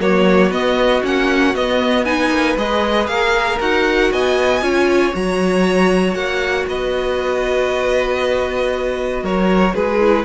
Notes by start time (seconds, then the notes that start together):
0.00 F#3 A#3 F#4 C#5
0.51 B3 D#5
1.03 A#3 C#4 F#5
1.55 B3 D#5
2.05 D#4 B4 G#5
2.30 A#3
2.57 G#3 G#4 D#5
3.07 A#3 A#4 F5
3.60 D#4 F#4 F#5
4.12 B3 D#5 G#5
4.62 C#4 F4 C#5
5.14 F#3 F#4 A#5
6.14 A#3 F#5
6.67 B3 B4 D#5
9.23 F#3 A#4 C#5
9.75 G#3 G#4 B4
10.00 E4